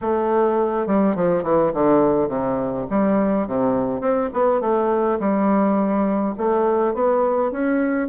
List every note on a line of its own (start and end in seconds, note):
0.01 0.87 A3
0.87 1.15 G3
1.15 1.43 F3
1.43 1.72 E3
1.73 2.28 D3
2.28 2.86 C3
2.90 3.47 G3
3.47 4.00 C3
4.00 4.29 C4
4.33 4.60 B3
4.60 5.18 A3
5.19 6.35 G3
6.37 6.94 A3
6.94 7.51 B3
7.51 8.08 C#4